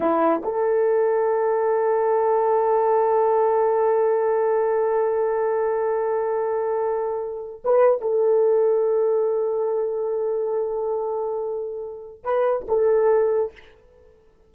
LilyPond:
\new Staff \with { instrumentName = "horn" } { \time 4/4 \tempo 4 = 142 e'4 a'2.~ | a'1~ | a'1~ | a'1~ |
a'2 b'4 a'4~ | a'1~ | a'1~ | a'4 b'4 a'2 | }